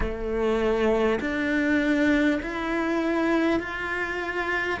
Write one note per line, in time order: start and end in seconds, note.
0.00 1.19 A3
1.20 2.40 D4
2.42 3.59 E4
3.59 4.79 F4